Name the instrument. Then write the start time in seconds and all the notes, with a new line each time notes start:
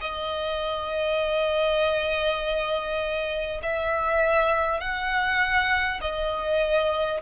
violin
0.00 D#5
3.62 E5
4.80 F#5
6.01 D#5